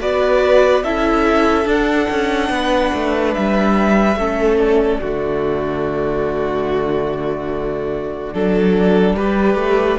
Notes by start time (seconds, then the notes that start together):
0.00 B3 F#4 B4 D5
0.83 C#4 E4 A4 E5
1.65 D4 F#5
2.10 C#4
2.49 B3 B4
2.94 A3
3.34 G3 E5
4.16 A3 C#4 A4
4.58 D5
5.01 D3 A3 F#4
8.34 F#3 D4 A4
9.15 G3 G4 B4
9.55 A3